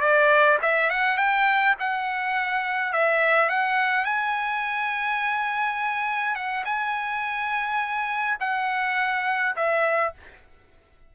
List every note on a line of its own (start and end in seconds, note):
0.00 0.58 D5
0.62 0.89 E5
0.89 1.17 F#5
1.17 1.75 G5
1.79 2.92 F#5
2.92 3.49 E5
3.49 4.05 F#5
4.05 6.35 G#5
6.35 6.64 F#5
6.65 8.38 G#5
8.40 9.55 F#5
9.56 10.14 E5